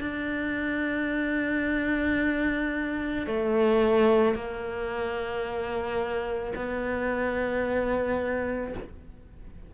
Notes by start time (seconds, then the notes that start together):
0.00 D4
3.27 A3
4.35 A#3
6.56 B3